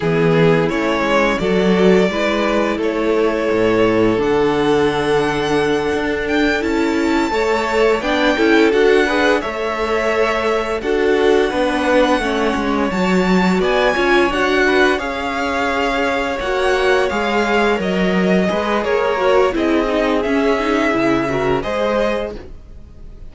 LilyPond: <<
  \new Staff \with { instrumentName = "violin" } { \time 4/4 \tempo 4 = 86 gis'4 cis''4 d''2 | cis''2 fis''2~ | fis''4 g''8 a''2 g''8~ | g''8 fis''4 e''2 fis''8~ |
fis''2~ fis''8 a''4 gis''8~ | gis''8 fis''4 f''2 fis''8~ | fis''8 f''4 dis''4. cis''4 | dis''4 e''2 dis''4 | }
  \new Staff \with { instrumentName = "violin" } { \time 4/4 e'2 a'4 b'4 | a'1~ | a'2~ a'8 cis''4 d''8 | a'4 b'8 cis''2 a'8~ |
a'8 b'4 cis''2 d''8 | cis''4 b'8 cis''2~ cis''8~ | cis''2~ cis''8 b'8 ais'4 | gis'2~ gis'8 ais'8 c''4 | }
  \new Staff \with { instrumentName = "viola" } { \time 4/4 b4 cis'4 fis'4 e'4~ | e'2 d'2~ | d'4. e'4 a'4 d'8 | e'8 fis'8 gis'8 a'2 fis'8~ |
fis'8 d'4 cis'4 fis'4. | f'8 fis'4 gis'2 fis'8~ | fis'8 gis'4 ais'4 gis'4 fis'8 | e'8 dis'8 cis'8 dis'8 e'8 fis'8 gis'4 | }
  \new Staff \with { instrumentName = "cello" } { \time 4/4 e4 a8 gis8 fis4 gis4 | a4 a,4 d2~ | d8 d'4 cis'4 a4 b8 | cis'8 d'4 a2 d'8~ |
d'8 b4 a8 gis8 fis4 b8 | cis'8 d'4 cis'2 ais8~ | ais8 gis4 fis4 gis8 ais4 | c'4 cis'4 cis4 gis4 | }
>>